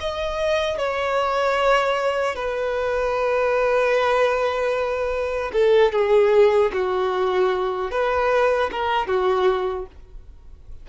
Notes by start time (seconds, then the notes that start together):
0.00 D#5
0.78 C#5
2.35 B4
5.53 A4
5.92 G#4
6.73 F#4
7.91 B4
8.71 A#4
9.07 F#4